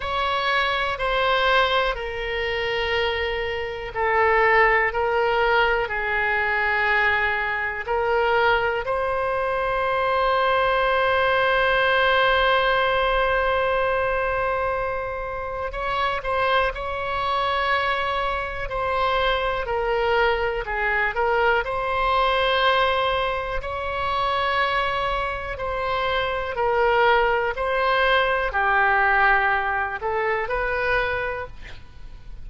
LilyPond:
\new Staff \with { instrumentName = "oboe" } { \time 4/4 \tempo 4 = 61 cis''4 c''4 ais'2 | a'4 ais'4 gis'2 | ais'4 c''2.~ | c''1 |
cis''8 c''8 cis''2 c''4 | ais'4 gis'8 ais'8 c''2 | cis''2 c''4 ais'4 | c''4 g'4. a'8 b'4 | }